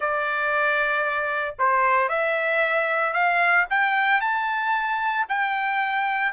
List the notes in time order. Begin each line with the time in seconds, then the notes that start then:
0.00 D5
1.58 C5
2.09 E5
3.13 F5
3.69 G5
4.20 A5
5.28 G5